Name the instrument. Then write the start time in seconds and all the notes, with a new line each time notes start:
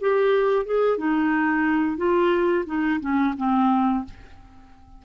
clarinet
0.00 G4
0.66 G#4
0.97 D#4
1.97 F4
2.66 D#4
3.00 C#4
3.37 C4